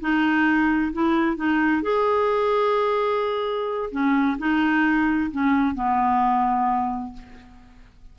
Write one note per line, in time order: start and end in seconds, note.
0.00 0.92 D#4
0.93 1.36 E4
1.36 1.82 D#4
1.82 3.90 G#4
3.91 4.37 C#4
4.38 5.31 D#4
5.31 5.75 C#4
5.75 7.13 B3